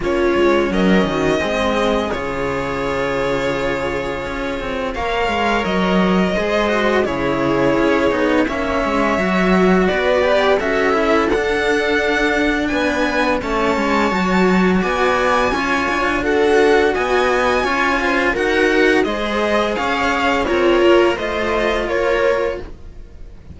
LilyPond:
<<
  \new Staff \with { instrumentName = "violin" } { \time 4/4 \tempo 4 = 85 cis''4 dis''2 cis''4~ | cis''2. f''4 | dis''2 cis''2 | e''2 d''4 e''4 |
fis''2 gis''4 a''4~ | a''4 gis''2 fis''4 | gis''2 fis''4 dis''4 | f''4 cis''4 dis''4 cis''4 | }
  \new Staff \with { instrumentName = "viola" } { \time 4/4 f'4 ais'8 fis'8 gis'2~ | gis'2. cis''4~ | cis''4 c''4 gis'2 | cis''2 b'4 a'4~ |
a'2 b'4 cis''4~ | cis''4 d''4 cis''4 a'4 | dis''4 cis''8 c''8 ais'4 c''4 | cis''4 f'4 c''4 ais'4 | }
  \new Staff \with { instrumentName = "cello" } { \time 4/4 cis'2 c'4 f'4~ | f'2. ais'4~ | ais'4 gis'8 fis'8 e'4. dis'8 | cis'4 fis'4. g'8 fis'8 e'8 |
d'2. cis'4 | fis'2 f'4 fis'4~ | fis'4 f'4 fis'4 gis'4~ | gis'4 ais'4 f'2 | }
  \new Staff \with { instrumentName = "cello" } { \time 4/4 ais8 gis8 fis8 dis8 gis4 cis4~ | cis2 cis'8 c'8 ais8 gis8 | fis4 gis4 cis4 cis'8 b8 | ais8 gis8 fis4 b4 cis'4 |
d'2 b4 a8 gis8 | fis4 b4 cis'8 d'4. | b4 cis'4 dis'4 gis4 | cis'4 c'8 ais8 a4 ais4 | }
>>